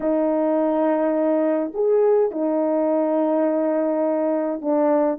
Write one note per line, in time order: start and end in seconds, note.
0.00 1.72 D#4
1.74 2.31 G#4
2.31 4.61 D#4
4.61 5.18 D4